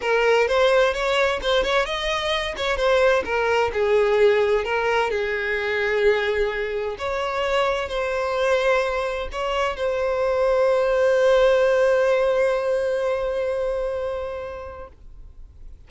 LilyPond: \new Staff \with { instrumentName = "violin" } { \time 4/4 \tempo 4 = 129 ais'4 c''4 cis''4 c''8 cis''8 | dis''4. cis''8 c''4 ais'4 | gis'2 ais'4 gis'4~ | gis'2. cis''4~ |
cis''4 c''2. | cis''4 c''2.~ | c''1~ | c''1 | }